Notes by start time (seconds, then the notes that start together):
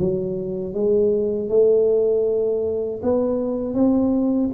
0.00 F#3
0.74 G#3
1.49 A3
3.03 B3
3.75 C4